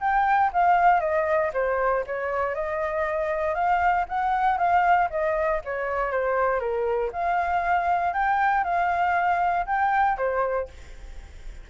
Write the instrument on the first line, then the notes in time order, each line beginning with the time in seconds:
flute
0.00 G5
0.53 F5
1.00 D#5
1.53 C5
2.06 C#5
2.54 D#5
3.54 F5
4.08 F#5
4.57 F5
5.10 D#5
5.64 C#5
6.11 C5
6.60 A#4
7.12 F5
8.13 G5
8.64 F5
9.66 G5
10.17 C5